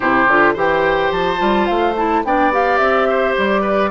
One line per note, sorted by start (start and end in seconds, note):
0.00 0.27 C3
0.00 0.27 E4
0.00 0.53 G4
0.00 0.54 C5
0.27 0.55 D3
0.27 0.55 F4
0.53 1.11 E3
0.53 1.37 G4
0.53 2.21 C5
0.53 1.12 G5
1.11 1.39 F3
1.11 1.66 A5
1.37 1.68 G3
1.37 1.93 F4
1.66 2.24 A3
1.66 1.94 F5
1.96 2.24 E4
1.96 2.25 A5
2.24 2.79 B3
2.24 2.52 D4
2.24 3.08 D5
2.24 2.53 G5
2.52 3.91 G4
2.52 2.78 F5
2.78 3.35 C4
2.78 3.34 E5
3.08 3.61 C5
3.37 3.91 G3
3.37 3.91 D5
3.61 3.89 B4